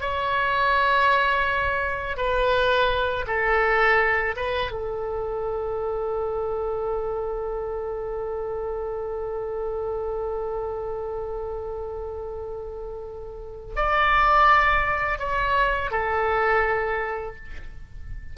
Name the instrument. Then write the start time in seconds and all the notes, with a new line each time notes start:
oboe
0.00 C#5
2.17 B4
3.27 A4
4.36 B4
4.71 A4
13.75 D5
15.18 C#5
15.91 A4